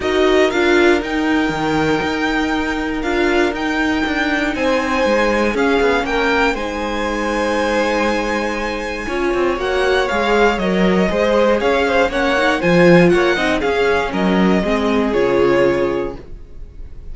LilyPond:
<<
  \new Staff \with { instrumentName = "violin" } { \time 4/4 \tempo 4 = 119 dis''4 f''4 g''2~ | g''2 f''4 g''4~ | g''4 gis''2 f''4 | g''4 gis''2.~ |
gis''2. fis''4 | f''4 dis''2 f''4 | fis''4 gis''4 fis''4 f''4 | dis''2 cis''2 | }
  \new Staff \with { instrumentName = "violin" } { \time 4/4 ais'1~ | ais'1~ | ais'4 c''2 gis'4 | ais'4 c''2.~ |
c''2 cis''2~ | cis''2 c''4 cis''8 c''8 | cis''4 c''4 cis''8 dis''8 gis'4 | ais'4 gis'2. | }
  \new Staff \with { instrumentName = "viola" } { \time 4/4 fis'4 f'4 dis'2~ | dis'2 f'4 dis'4~ | dis'2. cis'4~ | cis'4 dis'2.~ |
dis'2 f'4 fis'4 | gis'4 ais'4 gis'2 | cis'8 dis'8 f'4. dis'8 cis'4~ | cis'4 c'4 f'2 | }
  \new Staff \with { instrumentName = "cello" } { \time 4/4 dis'4 d'4 dis'4 dis4 | dis'2 d'4 dis'4 | d'4 c'4 gis4 cis'8 b8 | ais4 gis2.~ |
gis2 cis'8 c'8 ais4 | gis4 fis4 gis4 cis'4 | ais4 f4 ais8 c'8 cis'4 | fis4 gis4 cis2 | }
>>